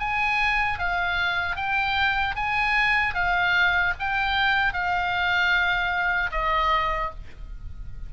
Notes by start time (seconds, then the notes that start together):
0.00 G#5
0.79 F5
1.56 G5
2.36 G#5
3.15 F5
3.99 G5
4.73 F5
6.32 D#5